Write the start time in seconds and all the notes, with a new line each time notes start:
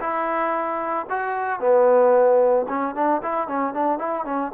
0.00 E4
1.10 F#4
1.60 B3
2.69 C#4
2.95 D4
3.22 E4
3.48 C#4
3.74 D4
3.99 E4
4.25 C#4